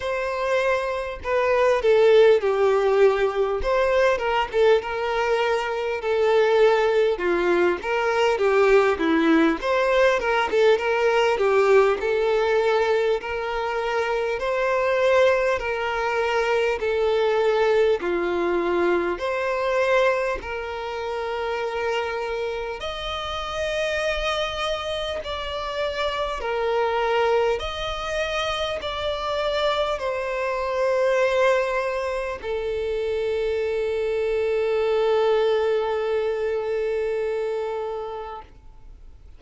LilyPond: \new Staff \with { instrumentName = "violin" } { \time 4/4 \tempo 4 = 50 c''4 b'8 a'8 g'4 c''8 ais'16 a'16 | ais'4 a'4 f'8 ais'8 g'8 e'8 | c''8 ais'16 a'16 ais'8 g'8 a'4 ais'4 | c''4 ais'4 a'4 f'4 |
c''4 ais'2 dis''4~ | dis''4 d''4 ais'4 dis''4 | d''4 c''2 a'4~ | a'1 | }